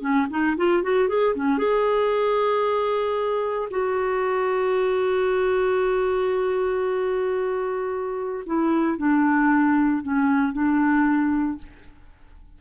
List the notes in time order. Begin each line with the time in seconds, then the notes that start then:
0.00 C#4
0.30 D#4
0.56 F4
0.83 F#4
1.08 G#4
1.35 C#4
1.58 G#4
3.70 F#4
8.46 E4
8.97 D4
10.02 C#4
10.52 D4